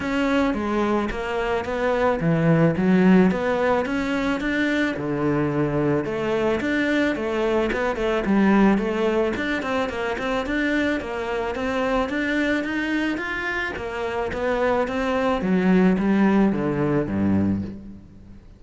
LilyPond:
\new Staff \with { instrumentName = "cello" } { \time 4/4 \tempo 4 = 109 cis'4 gis4 ais4 b4 | e4 fis4 b4 cis'4 | d'4 d2 a4 | d'4 a4 b8 a8 g4 |
a4 d'8 c'8 ais8 c'8 d'4 | ais4 c'4 d'4 dis'4 | f'4 ais4 b4 c'4 | fis4 g4 d4 g,4 | }